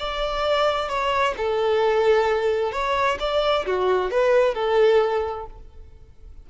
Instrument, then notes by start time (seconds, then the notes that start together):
violin
0.00 D5
0.89 C#5
1.38 A4
2.73 C#5
3.20 D5
3.67 F#4
4.11 B4
4.55 A4